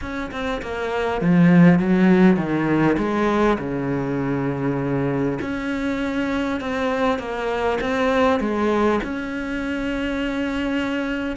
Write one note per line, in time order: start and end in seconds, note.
0.01 0.31 C#4
0.31 0.61 C4
0.61 1.21 A#3
1.21 1.79 F3
1.79 2.36 F#3
2.36 2.96 D#3
2.97 3.57 G#3
3.58 5.38 C#3
5.41 6.60 C#4
6.60 7.18 C4
7.18 7.78 A#3
7.80 8.40 C4
8.40 9.00 G#3
9.03 11.36 C#4